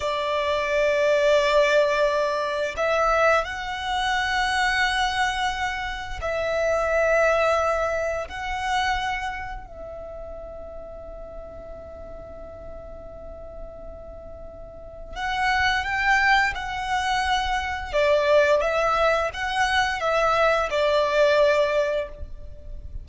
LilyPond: \new Staff \with { instrumentName = "violin" } { \time 4/4 \tempo 4 = 87 d''1 | e''4 fis''2.~ | fis''4 e''2. | fis''2 e''2~ |
e''1~ | e''2 fis''4 g''4 | fis''2 d''4 e''4 | fis''4 e''4 d''2 | }